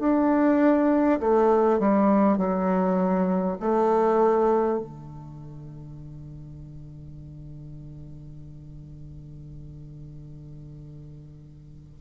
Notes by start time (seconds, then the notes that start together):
0.00 D4
1.21 A3
1.79 G3
2.38 F#3
3.61 A3
4.79 D3